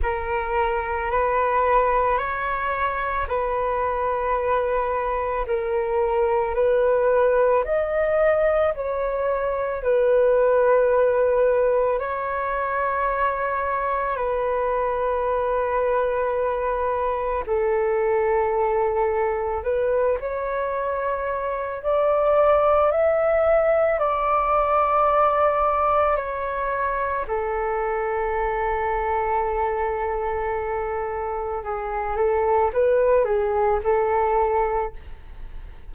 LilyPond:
\new Staff \with { instrumentName = "flute" } { \time 4/4 \tempo 4 = 55 ais'4 b'4 cis''4 b'4~ | b'4 ais'4 b'4 dis''4 | cis''4 b'2 cis''4~ | cis''4 b'2. |
a'2 b'8 cis''4. | d''4 e''4 d''2 | cis''4 a'2.~ | a'4 gis'8 a'8 b'8 gis'8 a'4 | }